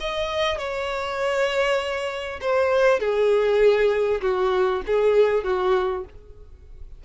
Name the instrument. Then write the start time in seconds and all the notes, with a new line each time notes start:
violin
0.00 D#5
0.58 C#5
2.41 C5
2.99 G#4
4.21 F#4
4.86 G#4
5.44 F#4